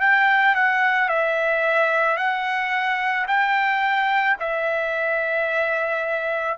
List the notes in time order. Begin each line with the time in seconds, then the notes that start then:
0.00 G5
0.55 F#5
1.09 E5
2.17 F#5
3.27 G5
4.39 E5